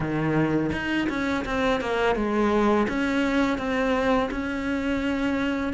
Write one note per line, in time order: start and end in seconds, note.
0.00 0.70 D#3
0.72 1.08 D#4
1.09 1.44 C#4
1.44 1.80 C4
1.80 2.15 A#3
2.15 2.87 G#3
2.88 3.57 C#4
3.57 4.29 C4
4.30 5.73 C#4